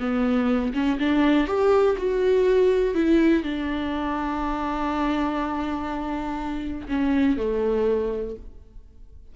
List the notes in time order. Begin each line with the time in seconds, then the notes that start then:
0.00 B3
0.74 C#4
1.00 D4
1.48 G4
1.98 F#4
2.95 E4
3.44 D4
6.89 C#4
7.37 A3